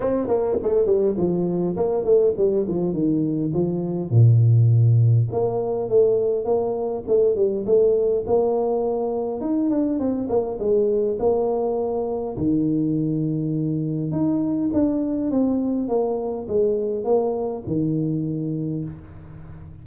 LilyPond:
\new Staff \with { instrumentName = "tuba" } { \time 4/4 \tempo 4 = 102 c'8 ais8 a8 g8 f4 ais8 a8 | g8 f8 dis4 f4 ais,4~ | ais,4 ais4 a4 ais4 | a8 g8 a4 ais2 |
dis'8 d'8 c'8 ais8 gis4 ais4~ | ais4 dis2. | dis'4 d'4 c'4 ais4 | gis4 ais4 dis2 | }